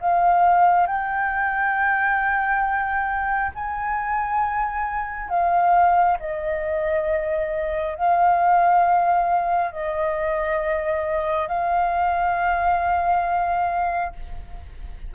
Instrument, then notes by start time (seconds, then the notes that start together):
flute
0.00 F5
0.87 G5
3.55 G#5
5.29 F5
6.19 D#5
7.95 F5
9.71 D#5
11.48 F5